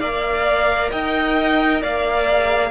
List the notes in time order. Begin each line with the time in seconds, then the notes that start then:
0.00 A#3 A#4 D5 F5
0.92 D#4 D#5 G5
1.82 A#3 D5 F5
2.29 G#4